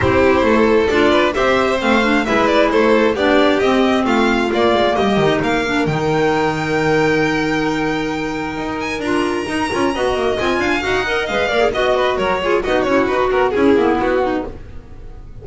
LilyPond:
<<
  \new Staff \with { instrumentName = "violin" } { \time 4/4 \tempo 4 = 133 c''2 d''4 e''4 | f''4 e''8 d''8 c''4 d''4 | dis''4 f''4 d''4 dis''4 | f''4 g''2.~ |
g''2.~ g''8 gis''8 | ais''2. gis''4 | fis''4 f''4 dis''4 cis''4 | dis''8 cis''8 b'8 ais'8 gis'4 fis'4 | }
  \new Staff \with { instrumentName = "violin" } { \time 4/4 g'4 a'4. b'8 c''4~ | c''4 b'4 a'4 g'4~ | g'4 f'2 g'4 | ais'1~ |
ais'1~ | ais'2 dis''4. f''8~ | f''8 dis''4 d''8 dis''8 b'8 ais'8 gis'8 | fis'2 e'4. dis'8 | }
  \new Staff \with { instrumentName = "clarinet" } { \time 4/4 e'2 f'4 g'4 | c'8 d'8 e'2 d'4 | c'2 ais4. dis'8~ | dis'8 d'8 dis'2.~ |
dis'1 | f'4 dis'8 f'8 fis'4 f'4 | fis'8 ais'8 b'8 ais'16 gis'16 fis'4. f'8 | dis'8 e'8 fis'4 cis'8 b4. | }
  \new Staff \with { instrumentName = "double bass" } { \time 4/4 c'4 a4 d'4 c'4 | a4 gis4 a4 b4 | c'4 a4 ais8 gis8 g8 dis8 | ais4 dis2.~ |
dis2. dis'4 | d'4 dis'8 cis'8 b8 ais8 c'8 d'8 | dis'4 gis8 ais8 b4 fis4 | b8 cis'8 dis'8 b8 cis'8 ais8 b4 | }
>>